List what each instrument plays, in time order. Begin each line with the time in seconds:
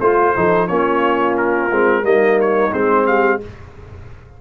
0.00 tuba A3, horn F4, trombone F4, trumpet C5
0.36 tuba F3, trombone D#4, horn A4
0.67 tuba A#3, trombone C#4, horn F4, trumpet C#5
1.37 trumpet A#4
1.71 tuba G#3, trombone C4
2.03 tuba G3, trombone A#3, horn D#4, trumpet D#5
2.40 trumpet C#5
2.72 tuba G#3, trombone C4, trumpet C5
3.06 horn G4, trumpet F5